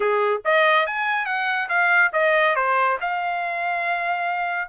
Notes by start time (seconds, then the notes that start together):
0.00 G#4
0.44 D#5
0.86 G#5
1.25 F#5
1.68 F5
2.13 D#5
2.55 C5
3.00 F5